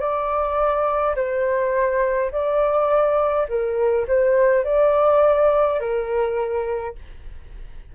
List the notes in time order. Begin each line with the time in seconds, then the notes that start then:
0.00 D5
1.16 C5
2.32 D5
3.49 A#4
4.08 C5
4.65 D5
5.80 A#4